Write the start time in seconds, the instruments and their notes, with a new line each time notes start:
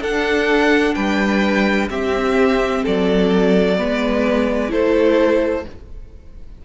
0.00 cello D4, viola D4, violin A4 F#5
0.94 cello G3, violin B4 G5
1.89 cello C4, viola C4, violin G4 E5
2.83 cello F#3, violin A4 D5
3.77 cello G#3, viola B3, violin B4
4.69 cello A3, viola E4, violin A4 C5